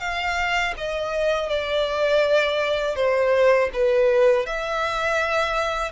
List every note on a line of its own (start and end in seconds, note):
0.00 0.74 F5
0.77 1.49 D#5
1.49 2.96 D5
2.96 3.70 C5
3.73 4.46 B4
4.46 5.92 E5